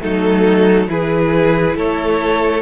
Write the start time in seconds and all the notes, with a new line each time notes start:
0.00 F#3 A3 D#4 A4
0.88 E3 E4 G#4 B4
1.76 A3 A4 C#5